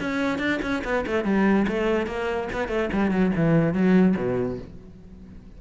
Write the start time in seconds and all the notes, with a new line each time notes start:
0.00 C#4
0.38 D4
0.62 C#4
0.84 B3
1.06 A3
1.24 G3
1.67 A3
2.06 A#3
2.52 B3
2.68 A3
2.92 G3
3.11 F#3
3.36 E3
3.73 F#3
4.16 B2